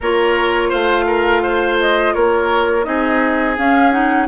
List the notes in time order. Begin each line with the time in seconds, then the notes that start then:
0.01 A#3 F4 A#4 C#5
0.69 A3 C5 F5
1.06 A#4
1.42 C5
1.80 D#5
2.14 A#3 A#4 C#5
2.84 C4 D#4 G#4 D#5
3.57 C#4 F5
3.91 D#4 F#5